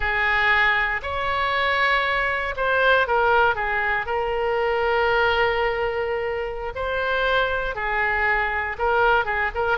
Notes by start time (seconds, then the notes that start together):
0.00 G#4
1.02 C#5
2.56 C5
3.07 A#4
3.55 G#4
4.05 A#4
6.75 C5
7.75 G#4
8.78 A#4
9.25 G#4
9.55 A#4